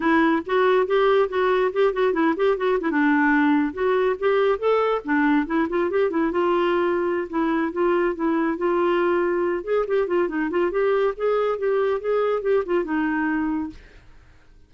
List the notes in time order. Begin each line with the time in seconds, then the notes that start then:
0.00 E4
0.46 F#4
0.86 G4
1.28 F#4
1.73 G4
1.93 F#4
2.13 E4
2.36 G4
2.57 F#4
2.80 E4
2.90 D4
3.73 F#4
4.19 G4
4.58 A4
5.04 D4
5.46 E4
5.69 F4
5.90 G4
6.10 E4
6.31 F4
7.29 E4
7.72 F4
8.15 E4
8.57 F4
9.64 G#4
9.87 G4
10.07 F4
10.28 D#4
10.50 F4
10.71 G4
11.16 G#4
11.58 G4
12.00 G#4
12.42 G4
12.65 F4
12.84 D#4